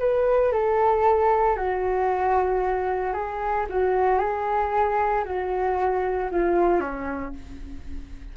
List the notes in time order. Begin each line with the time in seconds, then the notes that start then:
0.00 B4
0.53 A4
1.57 F#4
3.14 G#4
3.70 F#4
4.20 G#4
5.25 F#4
6.32 F4
6.81 C#4